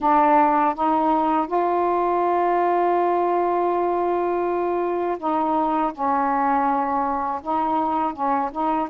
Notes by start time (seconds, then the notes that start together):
0.00 D4
0.74 D#4
1.47 F4
5.18 D#4
5.93 C#4
7.42 D#4
8.13 C#4
8.52 D#4